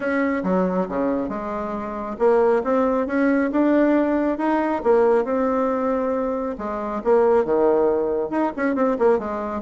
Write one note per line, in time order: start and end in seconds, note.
0.00 0.42 C#4
0.43 0.87 F#3
0.88 1.28 C#3
1.28 2.16 G#3
2.18 2.62 A#3
2.64 3.07 C4
3.07 3.50 C#4
3.51 4.38 D4
4.38 4.82 D#4
4.83 5.24 A#3
5.24 6.56 C4
6.58 7.02 G#3
7.04 7.45 A#3
7.45 8.30 D#3
8.30 8.52 D#4
8.56 8.75 C#4
8.75 8.97 C4
8.99 9.18 A#3
9.18 9.61 G#3